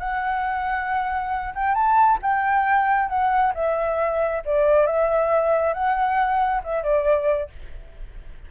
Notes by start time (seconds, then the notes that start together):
0.00 F#5
1.55 G5
1.75 A5
2.22 G5
3.09 F#5
3.55 E5
4.46 D5
4.87 E5
5.74 F#5
6.64 E5
6.84 D5